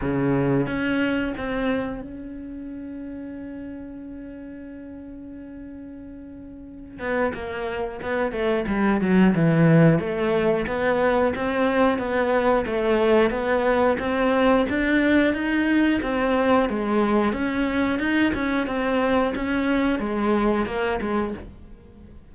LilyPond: \new Staff \with { instrumentName = "cello" } { \time 4/4 \tempo 4 = 90 cis4 cis'4 c'4 cis'4~ | cis'1~ | cis'2~ cis'8 b8 ais4 | b8 a8 g8 fis8 e4 a4 |
b4 c'4 b4 a4 | b4 c'4 d'4 dis'4 | c'4 gis4 cis'4 dis'8 cis'8 | c'4 cis'4 gis4 ais8 gis8 | }